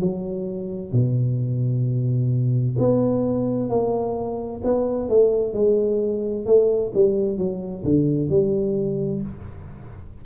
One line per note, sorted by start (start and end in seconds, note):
0.00 0.92 F#3
0.92 2.77 B2
2.78 3.69 B3
3.69 4.62 A#3
4.64 5.09 B3
5.09 5.53 A3
5.53 6.46 G#3
6.46 6.92 A3
6.94 7.38 G3
7.38 7.84 F#3
7.84 8.30 D3
8.30 9.22 G3